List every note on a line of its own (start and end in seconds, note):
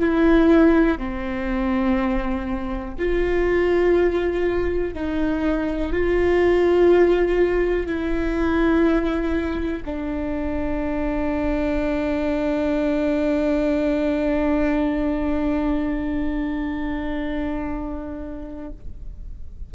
0.00 0.98 E4
0.98 2.95 C4
2.98 4.94 F4
4.94 5.92 D#4
5.92 7.86 F4
7.86 9.83 E4
9.85 18.70 D4